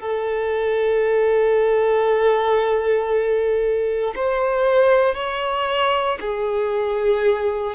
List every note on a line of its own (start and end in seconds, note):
0.00 4.14 A4
4.15 5.14 C5
5.14 6.18 C#5
6.20 7.75 G#4